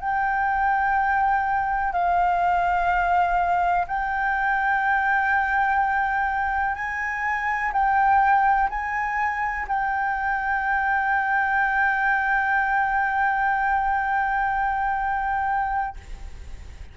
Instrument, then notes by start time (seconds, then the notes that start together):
flute
0.00 G5
1.93 F5
3.87 G5
6.75 G#5
7.72 G5
8.70 G#5
9.67 G5